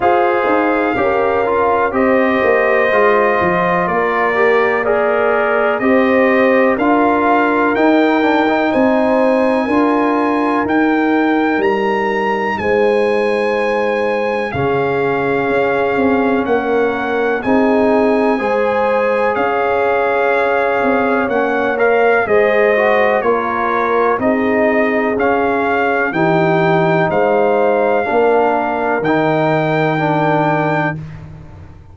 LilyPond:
<<
  \new Staff \with { instrumentName = "trumpet" } { \time 4/4 \tempo 4 = 62 f''2 dis''2 | d''4 ais'4 dis''4 f''4 | g''4 gis''2 g''4 | ais''4 gis''2 f''4~ |
f''4 fis''4 gis''2 | f''2 fis''8 f''8 dis''4 | cis''4 dis''4 f''4 g''4 | f''2 g''2 | }
  \new Staff \with { instrumentName = "horn" } { \time 4/4 c''4 ais'4 c''2 | ais'4 d''4 c''4 ais'4~ | ais'4 c''4 ais'2~ | ais'4 c''2 gis'4~ |
gis'4 ais'4 gis'4 c''4 | cis''2. c''4 | ais'4 gis'2 g'4 | c''4 ais'2. | }
  \new Staff \with { instrumentName = "trombone" } { \time 4/4 gis'4 g'8 f'8 g'4 f'4~ | f'8 g'8 gis'4 g'4 f'4 | dis'8 d'16 dis'4~ dis'16 f'4 dis'4~ | dis'2. cis'4~ |
cis'2 dis'4 gis'4~ | gis'2 cis'8 ais'8 gis'8 fis'8 | f'4 dis'4 cis'4 dis'4~ | dis'4 d'4 dis'4 d'4 | }
  \new Staff \with { instrumentName = "tuba" } { \time 4/4 f'8 dis'8 cis'4 c'8 ais8 gis8 f8 | ais2 c'4 d'4 | dis'4 c'4 d'4 dis'4 | g4 gis2 cis4 |
cis'8 c'8 ais4 c'4 gis4 | cis'4. c'8 ais4 gis4 | ais4 c'4 cis'4 e4 | gis4 ais4 dis2 | }
>>